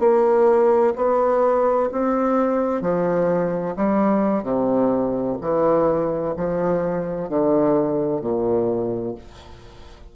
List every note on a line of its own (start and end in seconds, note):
0.00 0.94 A#3
0.96 1.90 B3
1.92 2.82 C4
2.82 3.75 F3
3.77 4.44 G3
4.44 5.37 C3
5.41 6.35 E3
6.37 7.30 F3
7.30 8.22 D3
8.22 9.15 A#2